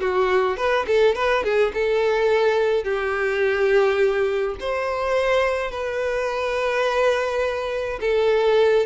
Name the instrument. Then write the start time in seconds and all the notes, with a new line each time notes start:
violin
0.00 F#4
0.57 B4
0.87 A4
1.15 B4
1.43 G#4
1.74 A4
2.83 G4
4.60 C5
5.71 B4
8.00 A4